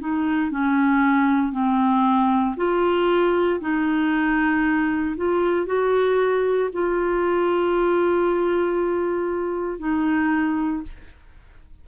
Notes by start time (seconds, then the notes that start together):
0.00 D#4
0.51 C#4
1.52 C4
2.57 F4
3.61 D#4
5.17 F4
5.66 F#4
6.72 F4
9.79 D#4